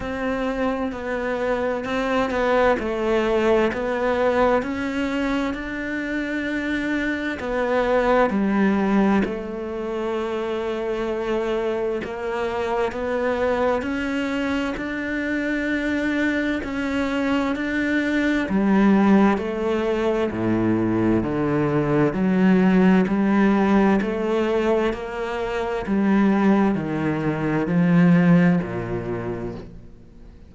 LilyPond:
\new Staff \with { instrumentName = "cello" } { \time 4/4 \tempo 4 = 65 c'4 b4 c'8 b8 a4 | b4 cis'4 d'2 | b4 g4 a2~ | a4 ais4 b4 cis'4 |
d'2 cis'4 d'4 | g4 a4 a,4 d4 | fis4 g4 a4 ais4 | g4 dis4 f4 ais,4 | }